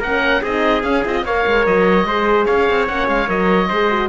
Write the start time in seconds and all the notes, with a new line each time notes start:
0.00 A#3 C#4 A#4 F#5
0.42 C4 D#4 G#4 D#5
0.83 C#4 F5
1.05 C4 F4 D#5
1.24 A#3 A#4 C#5 F5
1.47 G#3
1.66 F#3 D#5
2.05 G#3 G#4 C5
2.46 C#4 C#5 F5
2.70 C4
2.87 A#3 C#4 F#5
3.08 G#3 F5
3.27 F#3 A#4 D#5
3.69 G#3 G#4 C5
3.91 F#4